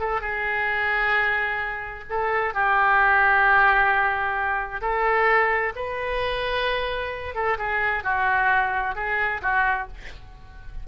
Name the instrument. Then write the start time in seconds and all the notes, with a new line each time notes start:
oboe
0.00 A4
0.21 G#4
2.09 A4
2.54 G4
4.81 A4
5.75 B4
7.35 A4
7.58 G#4
8.04 F#4
8.95 G#4
9.42 F#4